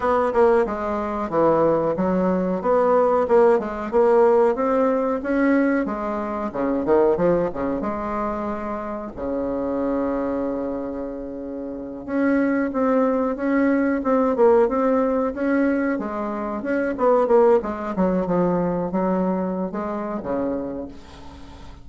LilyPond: \new Staff \with { instrumentName = "bassoon" } { \time 4/4 \tempo 4 = 92 b8 ais8 gis4 e4 fis4 | b4 ais8 gis8 ais4 c'4 | cis'4 gis4 cis8 dis8 f8 cis8 | gis2 cis2~ |
cis2~ cis8 cis'4 c'8~ | c'8 cis'4 c'8 ais8 c'4 cis'8~ | cis'8 gis4 cis'8 b8 ais8 gis8 fis8 | f4 fis4~ fis16 gis8. cis4 | }